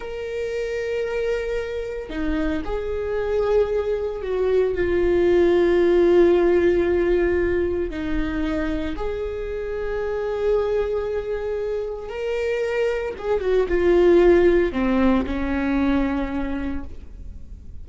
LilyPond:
\new Staff \with { instrumentName = "viola" } { \time 4/4 \tempo 4 = 114 ais'1 | dis'4 gis'2. | fis'4 f'2.~ | f'2. dis'4~ |
dis'4 gis'2.~ | gis'2. ais'4~ | ais'4 gis'8 fis'8 f'2 | c'4 cis'2. | }